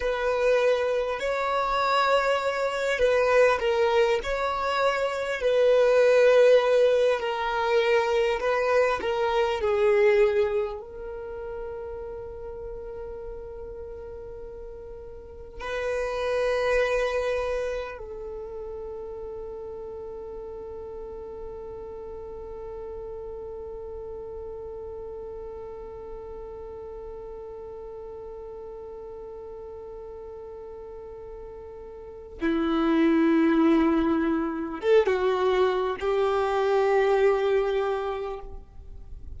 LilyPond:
\new Staff \with { instrumentName = "violin" } { \time 4/4 \tempo 4 = 50 b'4 cis''4. b'8 ais'8 cis''8~ | cis''8 b'4. ais'4 b'8 ais'8 | gis'4 ais'2.~ | ais'4 b'2 a'4~ |
a'1~ | a'1~ | a'2. e'4~ | e'4 a'16 fis'8. g'2 | }